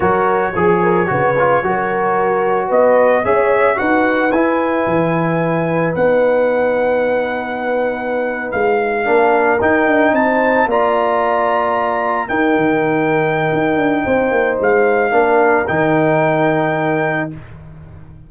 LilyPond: <<
  \new Staff \with { instrumentName = "trumpet" } { \time 4/4 \tempo 4 = 111 cis''1~ | cis''4 dis''4 e''4 fis''4 | gis''2. fis''4~ | fis''2.~ fis''8. f''16~ |
f''4.~ f''16 g''4 a''4 ais''16~ | ais''2~ ais''8. g''4~ g''16~ | g''2. f''4~ | f''4 g''2. | }
  \new Staff \with { instrumentName = "horn" } { \time 4/4 ais'4 gis'8 ais'8 b'4 ais'4~ | ais'4 b'4 cis''4 b'4~ | b'1~ | b'1~ |
b'8. ais'2 c''4 d''16~ | d''2~ d''8. ais'4~ ais'16~ | ais'2 c''2 | ais'1 | }
  \new Staff \with { instrumentName = "trombone" } { \time 4/4 fis'4 gis'4 fis'8 f'8 fis'4~ | fis'2 gis'4 fis'4 | e'2. dis'4~ | dis'1~ |
dis'8. d'4 dis'2 f'16~ | f'2~ f'8. dis'4~ dis'16~ | dis'1 | d'4 dis'2. | }
  \new Staff \with { instrumentName = "tuba" } { \time 4/4 fis4 f4 cis4 fis4~ | fis4 b4 cis'4 dis'4 | e'4 e2 b4~ | b2.~ b8. gis16~ |
gis8. ais4 dis'8 d'8 c'4 ais16~ | ais2~ ais8. dis'8 dis8.~ | dis4 dis'8 d'8 c'8 ais8 gis4 | ais4 dis2. | }
>>